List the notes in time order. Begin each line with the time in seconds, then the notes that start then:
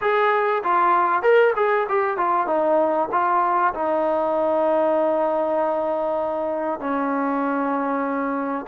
0.01 G#4
0.63 F4
1.22 A#4
1.56 G#4
1.88 G4
2.17 F4
2.47 D#4
3.11 F4
3.74 D#4
6.80 C#4